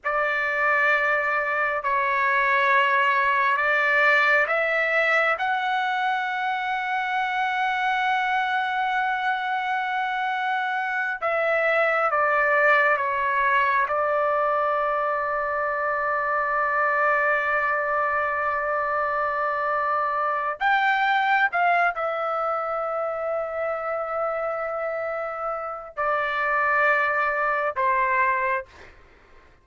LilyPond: \new Staff \with { instrumentName = "trumpet" } { \time 4/4 \tempo 4 = 67 d''2 cis''2 | d''4 e''4 fis''2~ | fis''1~ | fis''8 e''4 d''4 cis''4 d''8~ |
d''1~ | d''2. g''4 | f''8 e''2.~ e''8~ | e''4 d''2 c''4 | }